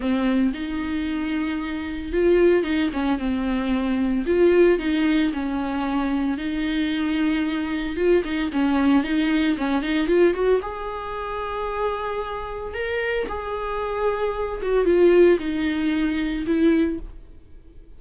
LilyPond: \new Staff \with { instrumentName = "viola" } { \time 4/4 \tempo 4 = 113 c'4 dis'2. | f'4 dis'8 cis'8 c'2 | f'4 dis'4 cis'2 | dis'2. f'8 dis'8 |
cis'4 dis'4 cis'8 dis'8 f'8 fis'8 | gis'1 | ais'4 gis'2~ gis'8 fis'8 | f'4 dis'2 e'4 | }